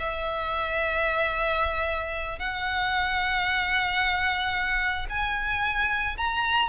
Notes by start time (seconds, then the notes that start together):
0.00 E5
2.39 F#5
5.10 G#5
6.18 A#5